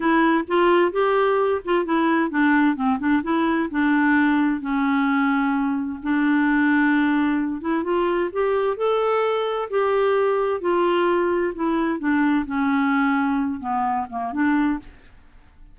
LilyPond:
\new Staff \with { instrumentName = "clarinet" } { \time 4/4 \tempo 4 = 130 e'4 f'4 g'4. f'8 | e'4 d'4 c'8 d'8 e'4 | d'2 cis'2~ | cis'4 d'2.~ |
d'8 e'8 f'4 g'4 a'4~ | a'4 g'2 f'4~ | f'4 e'4 d'4 cis'4~ | cis'4. b4 ais8 d'4 | }